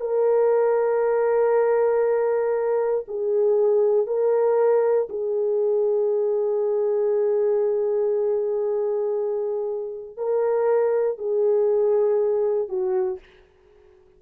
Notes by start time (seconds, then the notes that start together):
0.00 A#4
3.07 G#4
4.06 A#4
5.09 G#4
10.17 A#4
11.18 G#4
12.68 F#4